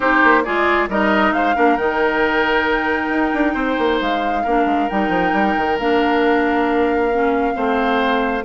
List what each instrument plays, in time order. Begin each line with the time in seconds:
0.00 bassoon C4, clarinet D#4, oboe G4, flute C5
0.24 bassoon A#3
0.44 bassoon G#3, clarinet F4, oboe G#4, flute D5
0.88 bassoon G3, clarinet D#4, oboe A#4, flute D#5
1.31 bassoon G#3, oboe C5, flute F5
1.55 bassoon A#3, clarinet D4, oboe A#4
1.76 bassoon D#3, clarinet D#4, flute G5
3.09 bassoon D#4
3.33 bassoon D4
3.53 bassoon C4, oboe C5
3.78 bassoon A#3
4.00 bassoon G#3, flute F5
4.43 bassoon A#3, clarinet D4, oboe A#4
4.65 bassoon G#3
4.89 bassoon G3, clarinet D#4, flute G5
5.09 bassoon F3
5.32 bassoon G3
5.57 bassoon D#3
5.78 bassoon A#3, clarinet D4, flute F5
7.12 clarinet C#4
7.53 bassoon A3, clarinet C4, oboe C5